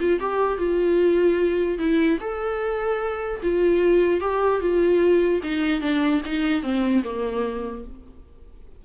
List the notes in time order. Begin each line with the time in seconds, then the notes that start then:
0.00 F4
0.20 G4
0.58 F4
1.79 E4
2.20 A4
3.43 F4
4.21 G4
4.61 F4
5.43 D#4
5.81 D4
6.25 D#4
6.63 C4
7.04 A#3